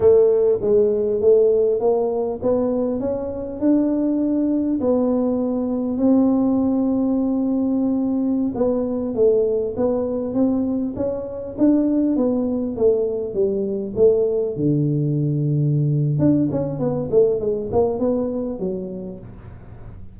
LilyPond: \new Staff \with { instrumentName = "tuba" } { \time 4/4 \tempo 4 = 100 a4 gis4 a4 ais4 | b4 cis'4 d'2 | b2 c'2~ | c'2~ c'16 b4 a8.~ |
a16 b4 c'4 cis'4 d'8.~ | d'16 b4 a4 g4 a8.~ | a16 d2~ d8. d'8 cis'8 | b8 a8 gis8 ais8 b4 fis4 | }